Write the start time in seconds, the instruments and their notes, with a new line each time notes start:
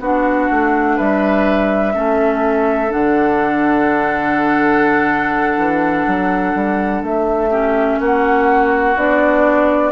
0.00 bassoon B3, clarinet D4, oboe F#4, flute F#5
0.50 bassoon A3
0.96 bassoon G3, oboe B4, flute E5
1.93 bassoon A3, clarinet C#4, oboe A4
2.89 bassoon D3, clarinet D4, flute F#5
5.57 bassoon E3
6.06 bassoon F#3
6.55 bassoon G3
7.02 bassoon A3, flute E5
7.50 clarinet C#4, oboe G4
8.00 bassoon A#3, oboe F#4, flute F#5
8.96 bassoon B3, clarinet D4, flute D5